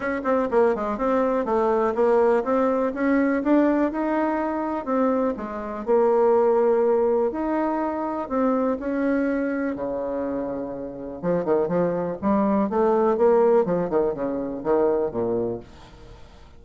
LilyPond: \new Staff \with { instrumentName = "bassoon" } { \time 4/4 \tempo 4 = 123 cis'8 c'8 ais8 gis8 c'4 a4 | ais4 c'4 cis'4 d'4 | dis'2 c'4 gis4 | ais2. dis'4~ |
dis'4 c'4 cis'2 | cis2. f8 dis8 | f4 g4 a4 ais4 | f8 dis8 cis4 dis4 ais,4 | }